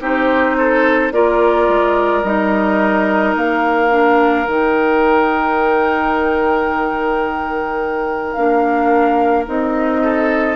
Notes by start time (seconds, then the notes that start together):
0.00 C4 D#4 G4 C5
0.58 A4
1.12 A#3 F4 A#4 D5
1.68 G#3
2.23 G3 D#4 D#5
3.36 A#3 F5
3.90 D4
4.47 D#3 D#4 G5
8.33 A#3 D4 F5
9.46 C4 D#4 D#5
10.03 A4